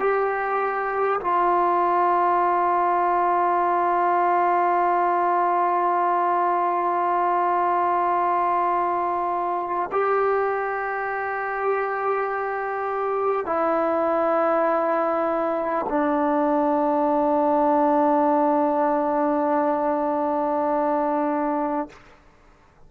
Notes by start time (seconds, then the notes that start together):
0.00 G4
1.21 F4
9.92 G4
13.46 E4
15.89 D4